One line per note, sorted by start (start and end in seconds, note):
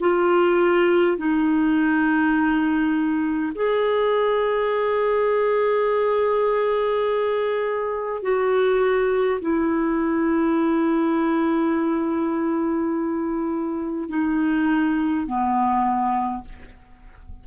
0.00 1.17 F4
1.17 3.52 D#4
3.55 8.22 G#4
8.22 9.40 F#4
9.41 14.09 E4
14.09 15.26 D#4
15.26 16.44 B3